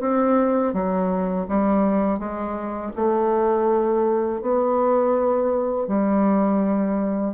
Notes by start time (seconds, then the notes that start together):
0.00 C4
0.73 F#3
1.48 G3
2.19 G#3
2.96 A3
4.41 B3
5.87 G3